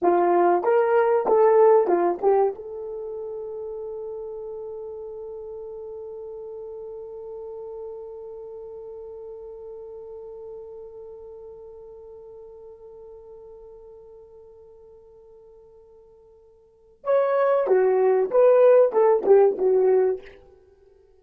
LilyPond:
\new Staff \with { instrumentName = "horn" } { \time 4/4 \tempo 4 = 95 f'4 ais'4 a'4 f'8 g'8 | a'1~ | a'1~ | a'1~ |
a'1~ | a'1~ | a'2. cis''4 | fis'4 b'4 a'8 g'8 fis'4 | }